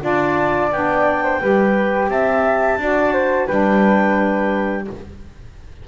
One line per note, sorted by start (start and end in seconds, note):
0.00 0.72 D4
0.00 0.69 F4
0.00 1.23 D5
0.00 0.72 A5
0.72 1.41 B3
0.72 1.41 D4
0.72 2.09 G5
1.23 1.40 C5
1.41 2.08 G3
1.41 2.78 G4
1.41 2.10 B4
2.08 2.77 C4
2.08 2.79 E5
2.08 3.47 A5
2.77 3.46 D4
2.77 3.48 F#4
2.77 3.12 D5
3.12 3.46 C5
3.46 4.87 G3
3.46 4.86 D4
3.46 4.84 B4
3.46 4.85 G5